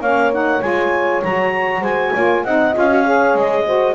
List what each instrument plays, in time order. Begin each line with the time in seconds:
0.00 double bass A#3, saxophone C#4, horn C#5, clarinet F5
0.33 saxophone D#4, clarinet F#5
0.61 double bass G#3, saxophone F4, clarinet G#5
1.23 double bass F#3, saxophone F#4, clarinet A#5
1.81 double bass G#3, horn C5, clarinet G#5
2.14 double bass A#3, saxophone F4, horn C#5
2.44 double bass C4, saxophone D#4, horn D#5, clarinet F#5
2.73 double bass C#4, saxophone F4, clarinet F5
2.88 saxophone F#4
3.04 saxophone G#4, horn C#5
3.34 double bass G#3, clarinet D#5
3.65 saxophone F#4, horn C5